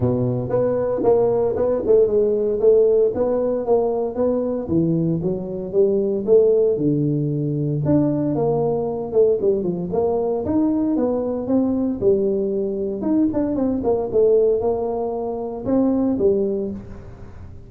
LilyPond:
\new Staff \with { instrumentName = "tuba" } { \time 4/4 \tempo 4 = 115 b,4 b4 ais4 b8 a8 | gis4 a4 b4 ais4 | b4 e4 fis4 g4 | a4 d2 d'4 |
ais4. a8 g8 f8 ais4 | dis'4 b4 c'4 g4~ | g4 dis'8 d'8 c'8 ais8 a4 | ais2 c'4 g4 | }